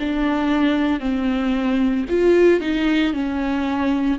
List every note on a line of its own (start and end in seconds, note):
0.00 1.00 D4
1.00 2.06 C4
2.10 2.61 F4
2.61 3.13 D#4
3.13 4.19 C#4